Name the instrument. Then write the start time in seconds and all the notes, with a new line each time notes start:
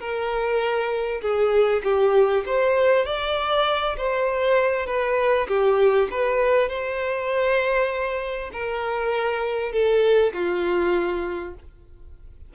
violin
0.00 A#4
1.22 G#4
1.84 G4
2.46 C5
3.06 D5
3.97 C5
4.87 B4
5.48 G4
6.11 B4
6.69 C5
8.53 A#4
9.72 A4
10.34 F4